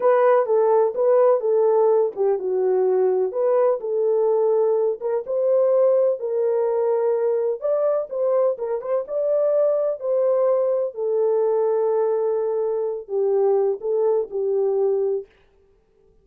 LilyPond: \new Staff \with { instrumentName = "horn" } { \time 4/4 \tempo 4 = 126 b'4 a'4 b'4 a'4~ | a'8 g'8 fis'2 b'4 | a'2~ a'8 ais'8 c''4~ | c''4 ais'2. |
d''4 c''4 ais'8 c''8 d''4~ | d''4 c''2 a'4~ | a'2.~ a'8 g'8~ | g'4 a'4 g'2 | }